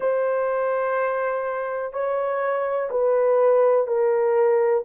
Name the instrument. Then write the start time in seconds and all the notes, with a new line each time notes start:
horn
0.00 C5
1.93 C#5
2.90 B4
3.87 A#4